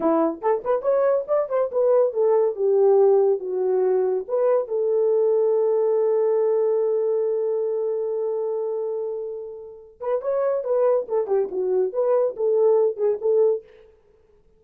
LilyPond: \new Staff \with { instrumentName = "horn" } { \time 4/4 \tempo 4 = 141 e'4 a'8 b'8 cis''4 d''8 c''8 | b'4 a'4 g'2 | fis'2 b'4 a'4~ | a'1~ |
a'1~ | a'2.~ a'8 b'8 | cis''4 b'4 a'8 g'8 fis'4 | b'4 a'4. gis'8 a'4 | }